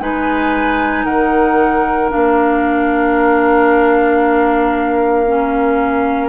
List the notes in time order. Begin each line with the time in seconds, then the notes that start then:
0.00 G#3 D#4 B4 G#5
1.05 D#3 A#4 F#5
2.10 A#3 D4 F5
5.27 C#4